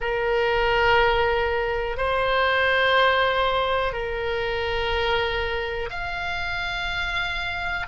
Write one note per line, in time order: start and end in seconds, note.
0.00 1.97 A#4
1.97 3.93 C5
3.93 5.89 A#4
5.90 7.86 F5